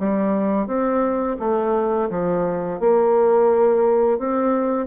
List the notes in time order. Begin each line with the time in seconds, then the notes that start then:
0.00 G3
0.67 C4
1.40 A3
2.10 F3
2.80 A#3
4.19 C4